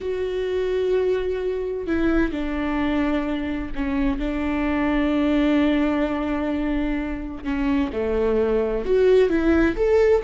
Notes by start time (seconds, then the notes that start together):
0.00 F#4
1.86 E4
2.32 D4
3.75 C#4
4.19 D4
7.44 C#4
7.92 A3
8.85 F#4
9.29 E4
9.75 A4